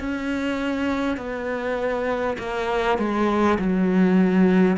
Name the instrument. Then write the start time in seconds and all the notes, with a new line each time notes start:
cello
0.00 C#4
1.18 B3
2.38 A#3
2.98 G#3
3.59 F#3